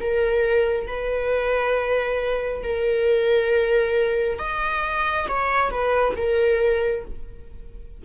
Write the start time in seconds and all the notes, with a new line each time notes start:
0.00 A#4
0.87 B4
2.63 A#4
4.39 D#5
5.28 C#5
5.70 B4
6.16 A#4